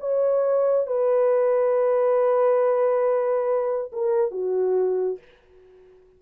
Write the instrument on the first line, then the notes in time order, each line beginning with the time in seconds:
horn
0.00 C#5
0.87 B4
3.92 A#4
4.31 F#4